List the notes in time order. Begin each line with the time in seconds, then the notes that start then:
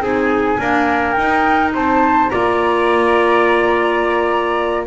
0.00 C4 D#4 G#4 G#5
0.59 A#3 D4 A#4
1.12 D#4 G5
1.74 C4 C5 A5
2.29 A#3 F4 D5 A#5